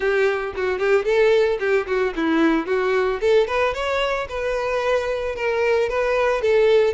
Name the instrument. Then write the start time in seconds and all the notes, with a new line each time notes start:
violin
0.00 G4
0.55 F#4
0.79 G4
1.04 A4
1.59 G4
1.87 F#4
2.16 E4
2.66 F#4
3.20 A4
3.47 B4
3.74 C#5
4.29 B4
5.35 A#4
5.89 B4
6.41 A4